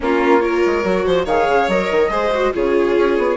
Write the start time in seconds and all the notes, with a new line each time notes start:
0.00 A#3 C#4 F4 A#4
0.39 F4 A#4 C#5
0.65 G#3
0.83 F#3 F#4
1.06 F3 C5
1.25 D#3 G#4 C#5 F5
1.48 C#3
1.68 F#3 A#4 D#5
1.90 D#3
2.09 G#3 G#4 C5
2.34 F#4
2.52 C#3 F4 G#4 C#5
2.96 C#4
3.18 B3